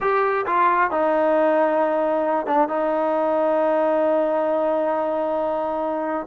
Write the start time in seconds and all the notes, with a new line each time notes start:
0.01 G4
0.46 F4
0.90 D#4
2.46 D4
2.68 D#4